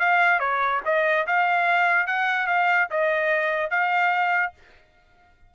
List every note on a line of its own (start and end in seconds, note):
0.00 0.40 F5
0.40 0.81 C#5
0.86 1.27 D#5
1.27 2.07 F5
2.07 2.47 F#5
2.47 2.88 F5
2.91 3.71 D#5
3.71 4.53 F5